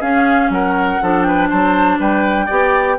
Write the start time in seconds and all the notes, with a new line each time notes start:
0.00 C#4 G#4 F5
0.49 F#3 A#4 F#5
1.02 F3 D4 A4
1.22 B4 G5
1.49 F#3 C5 A5
1.99 G3 B4 G5
2.46 B3 G4 D5